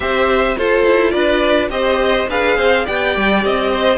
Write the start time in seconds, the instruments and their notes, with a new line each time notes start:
0.00 cello C4, viola G4, violin C5 E5
0.56 viola F4, cello F4, violin A4 C5
0.85 cello E4
1.10 cello D4, violin B4 D5
1.69 cello C4, viola G4, violin C5 D#5
2.28 cello D4, viola G#4, violin B4 F5
2.56 cello C4, violin C5
2.85 cello B3, viola G4, violin D5 G5
3.16 cello G3
3.44 cello C4, violin D#5
3.71 violin C5